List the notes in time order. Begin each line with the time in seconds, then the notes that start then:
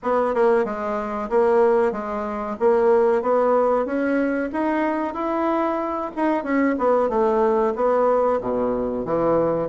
0.02 B3
0.34 A#3
0.64 G#3
1.29 A#3
1.92 G#3
2.59 A#3
3.21 B3
3.85 C#4
4.52 D#4
5.13 E4
6.16 D#4
6.43 C#4
6.78 B3
7.09 A3
7.75 B3
8.40 B2
9.05 E3